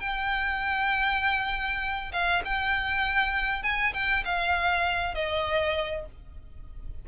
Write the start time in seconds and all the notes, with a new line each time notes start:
0.00 G5
2.12 F5
2.45 G5
3.63 G#5
3.94 G5
4.25 F5
5.15 D#5